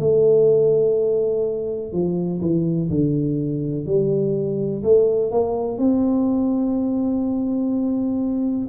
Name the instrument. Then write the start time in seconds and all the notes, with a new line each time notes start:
tuba
0.00 A3
1.93 F3
2.41 E3
2.91 D3
3.86 G3
4.84 A3
5.31 A#3
5.78 C4